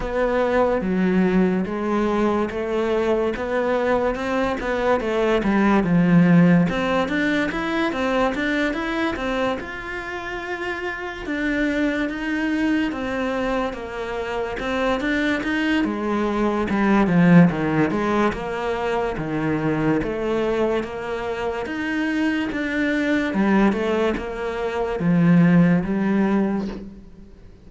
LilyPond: \new Staff \with { instrumentName = "cello" } { \time 4/4 \tempo 4 = 72 b4 fis4 gis4 a4 | b4 c'8 b8 a8 g8 f4 | c'8 d'8 e'8 c'8 d'8 e'8 c'8 f'8~ | f'4. d'4 dis'4 c'8~ |
c'8 ais4 c'8 d'8 dis'8 gis4 | g8 f8 dis8 gis8 ais4 dis4 | a4 ais4 dis'4 d'4 | g8 a8 ais4 f4 g4 | }